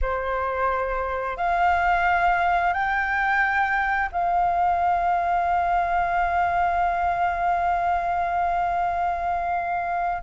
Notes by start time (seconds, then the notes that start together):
0.01 C5
1.37 F5
2.73 G5
4.12 F5